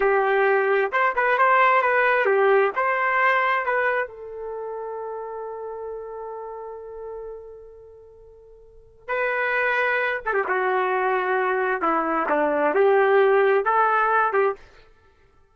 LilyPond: \new Staff \with { instrumentName = "trumpet" } { \time 4/4 \tempo 4 = 132 g'2 c''8 b'8 c''4 | b'4 g'4 c''2 | b'4 a'2.~ | a'1~ |
a'1 | b'2~ b'8 a'16 g'16 fis'4~ | fis'2 e'4 d'4 | g'2 a'4. g'8 | }